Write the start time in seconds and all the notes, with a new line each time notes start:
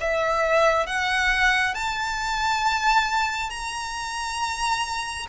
0.00 E5
0.86 F#5
1.74 A5
3.50 A#5